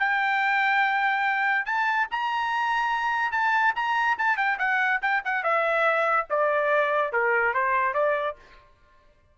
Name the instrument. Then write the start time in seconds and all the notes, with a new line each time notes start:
trumpet
0.00 G5
1.66 A5
2.12 A#5
3.32 A5
3.76 A#5
4.19 A5
4.38 G5
4.59 F#5
5.02 G5
5.25 F#5
5.44 E5
6.30 D5
7.13 A#4
7.54 C5
7.94 D5